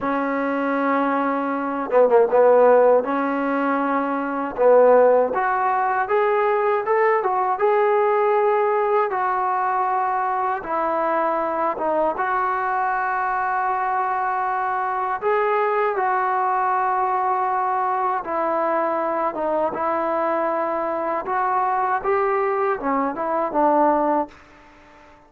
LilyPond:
\new Staff \with { instrumentName = "trombone" } { \time 4/4 \tempo 4 = 79 cis'2~ cis'8 b16 ais16 b4 | cis'2 b4 fis'4 | gis'4 a'8 fis'8 gis'2 | fis'2 e'4. dis'8 |
fis'1 | gis'4 fis'2. | e'4. dis'8 e'2 | fis'4 g'4 cis'8 e'8 d'4 | }